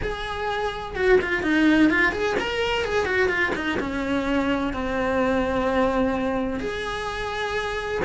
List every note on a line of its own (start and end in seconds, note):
0.02 0.95 G#4
0.95 1.19 F#4
1.21 1.42 F4
1.42 1.90 D#4
1.90 2.12 F4
2.12 2.35 G#4
2.39 2.84 A#4
2.84 3.05 G#4
3.05 3.29 F#4
3.29 3.52 F4
3.55 3.78 D#4
3.79 4.73 C#4
4.73 6.59 C4
6.59 8.01 G#4